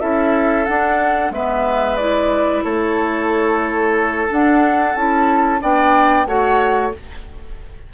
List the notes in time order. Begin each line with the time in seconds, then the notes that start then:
0.00 C#4 E4 A4 E5
0.66 D4 F#5
1.31 G#3 B3 B4 E5
1.96 E4 D5
2.64 A3 A4 C#5
4.29 D4 F#5
4.96 C#4 E4 A5
5.60 B3 D4 D5 G5
6.26 A3 F#4 C#5 F#5